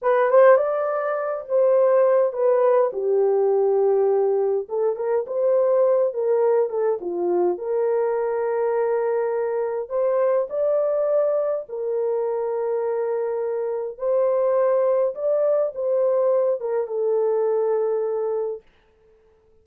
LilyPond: \new Staff \with { instrumentName = "horn" } { \time 4/4 \tempo 4 = 103 b'8 c''8 d''4. c''4. | b'4 g'2. | a'8 ais'8 c''4. ais'4 a'8 | f'4 ais'2.~ |
ais'4 c''4 d''2 | ais'1 | c''2 d''4 c''4~ | c''8 ais'8 a'2. | }